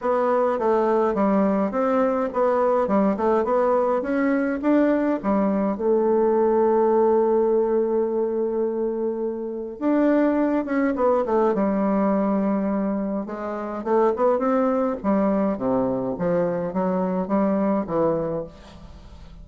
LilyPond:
\new Staff \with { instrumentName = "bassoon" } { \time 4/4 \tempo 4 = 104 b4 a4 g4 c'4 | b4 g8 a8 b4 cis'4 | d'4 g4 a2~ | a1~ |
a4 d'4. cis'8 b8 a8 | g2. gis4 | a8 b8 c'4 g4 c4 | f4 fis4 g4 e4 | }